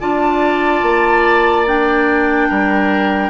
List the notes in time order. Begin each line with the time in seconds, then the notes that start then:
0.00 D4 F4 D5 A5
0.82 A#3
1.66 D4 G5
2.49 G3 A#4